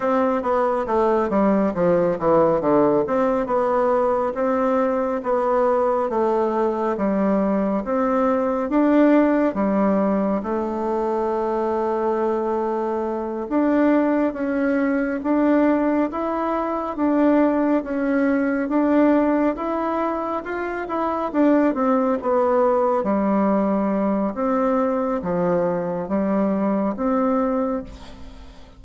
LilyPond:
\new Staff \with { instrumentName = "bassoon" } { \time 4/4 \tempo 4 = 69 c'8 b8 a8 g8 f8 e8 d8 c'8 | b4 c'4 b4 a4 | g4 c'4 d'4 g4 | a2.~ a8 d'8~ |
d'8 cis'4 d'4 e'4 d'8~ | d'8 cis'4 d'4 e'4 f'8 | e'8 d'8 c'8 b4 g4. | c'4 f4 g4 c'4 | }